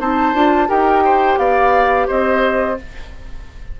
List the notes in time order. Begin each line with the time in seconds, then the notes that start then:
0.00 C4 D#4 C5 A5
0.33 D4 F4
0.68 D#4 G4 A#4 G5
1.04 C5
1.37 B3 D5 F5
2.07 C4 C5 D#5